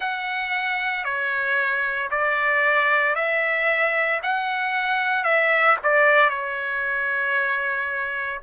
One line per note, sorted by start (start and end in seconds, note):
0.00 1.04 F#5
1.04 2.09 C#5
2.11 3.15 D5
3.15 4.20 E5
4.22 5.23 F#5
5.23 5.76 E5
5.83 6.29 D5
6.29 8.40 C#5